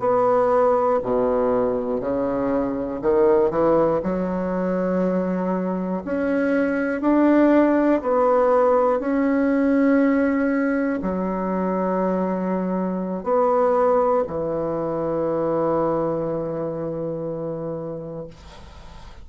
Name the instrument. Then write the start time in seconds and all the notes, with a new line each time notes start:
bassoon
0.00 B3
1.03 B2
2.01 C#3
3.02 D#3
3.51 E3
4.04 F#3
6.05 C#4
7.02 D4
8.02 B3
9.00 C#4
11.02 F#3
13.24 B3
14.28 E3